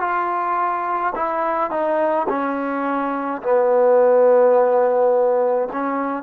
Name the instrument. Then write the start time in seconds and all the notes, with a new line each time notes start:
trombone
0.00 F4
1.16 E4
1.71 D#4
2.29 C#4
3.42 B3
5.73 C#4